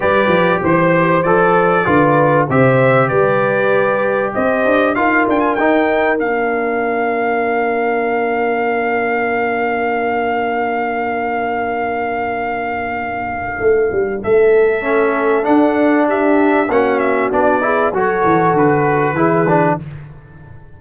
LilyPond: <<
  \new Staff \with { instrumentName = "trumpet" } { \time 4/4 \tempo 4 = 97 d''4 c''4 d''2 | e''4 d''2 dis''4 | f''8 g''16 gis''16 g''4 f''2~ | f''1~ |
f''1~ | f''2. e''4~ | e''4 fis''4 e''4 fis''8 e''8 | d''4 cis''4 b'2 | }
  \new Staff \with { instrumentName = "horn" } { \time 4/4 b'4 c''2 b'4 | c''4 b'2 c''4 | ais'1~ | ais'1~ |
ais'1~ | ais'2. a'4~ | a'2 g'4 fis'4~ | fis'8 gis'8 a'2 gis'4 | }
  \new Staff \with { instrumentName = "trombone" } { \time 4/4 g'2 a'4 f'4 | g'1 | f'4 dis'4 d'2~ | d'1~ |
d'1~ | d'1 | cis'4 d'2 cis'4 | d'8 e'8 fis'2 e'8 d'8 | }
  \new Staff \with { instrumentName = "tuba" } { \time 4/4 g8 f8 e4 f4 d4 | c4 g2 c'8 d'8 | dis'8 d'8 dis'4 ais2~ | ais1~ |
ais1~ | ais2 a8 g8 a4~ | a4 d'2 ais4 | b4 fis8 e8 d4 e4 | }
>>